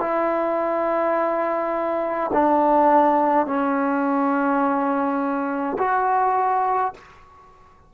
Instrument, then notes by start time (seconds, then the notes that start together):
trombone
0.00 E4
2.33 D4
3.47 C#4
5.78 F#4